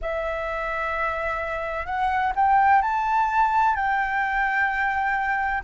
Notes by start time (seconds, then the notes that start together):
0.01 E5
1.85 F#5
2.35 G5
2.81 A5
3.75 G5